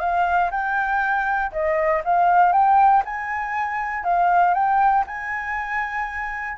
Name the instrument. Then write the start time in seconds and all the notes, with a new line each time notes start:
flute
0.00 F5
0.51 G5
1.52 D#5
2.05 F5
2.53 G5
3.05 G#5
4.04 F5
4.54 G5
5.07 G#5